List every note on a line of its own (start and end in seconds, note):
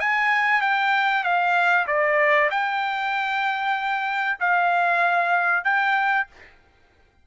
0.00 0.61 G#5
0.61 1.24 G5
1.24 1.86 F5
1.87 2.50 D5
2.51 4.38 G5
4.40 5.64 F5
5.64 6.27 G5